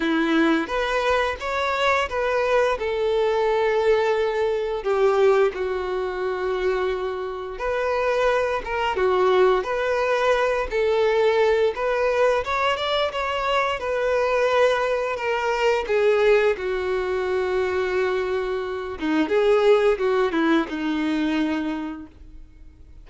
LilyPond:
\new Staff \with { instrumentName = "violin" } { \time 4/4 \tempo 4 = 87 e'4 b'4 cis''4 b'4 | a'2. g'4 | fis'2. b'4~ | b'8 ais'8 fis'4 b'4. a'8~ |
a'4 b'4 cis''8 d''8 cis''4 | b'2 ais'4 gis'4 | fis'2.~ fis'8 dis'8 | gis'4 fis'8 e'8 dis'2 | }